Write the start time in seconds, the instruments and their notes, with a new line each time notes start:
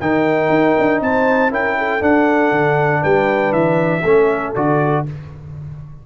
0.00 tuba D#3, trombone D#4, horn A#4, trumpet G5
0.50 tuba D#4
0.79 tuba D4
1.01 tuba C4, horn C5, trumpet A5
1.50 tuba C#4, trombone E4, horn A#4, trumpet G5
1.78 horn A4
2.00 trombone D4, tuba D4, trumpet F#5
2.52 tuba D3
3.01 tuba G3, horn B4, trumpet G5
3.52 tuba E3, trumpet E5
4.03 tuba A3, trombone C#4, horn A4
4.55 tuba D3, trombone F#4, trumpet D5